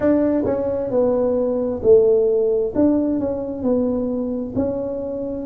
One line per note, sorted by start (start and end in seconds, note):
0.00 0.44 D4
0.45 0.90 C#4
0.90 1.81 B3
1.82 2.73 A3
2.75 3.19 D4
3.19 3.62 C#4
3.62 4.53 B3
4.55 5.46 C#4